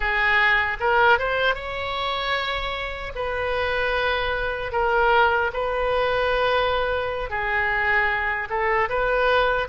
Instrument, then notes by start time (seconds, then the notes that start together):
oboe
0.00 G#4
0.80 A#4
1.18 C5
1.54 C#5
3.15 B4
4.72 A#4
5.53 B4
7.30 G#4
8.49 A4
8.89 B4